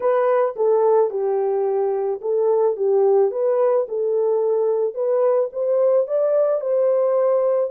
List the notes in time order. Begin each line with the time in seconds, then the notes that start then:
0.00 B4
0.56 A4
1.10 G4
2.21 A4
2.76 G4
3.31 B4
3.88 A4
4.94 B4
5.52 C5
6.07 D5
6.60 C5